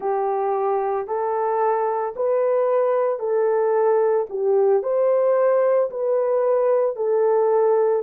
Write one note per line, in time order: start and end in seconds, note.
0.00 1.07 G4
1.07 2.14 A4
2.15 3.19 B4
3.19 4.26 A4
4.29 4.82 G4
4.82 5.89 C5
5.90 6.95 B4
6.95 8.02 A4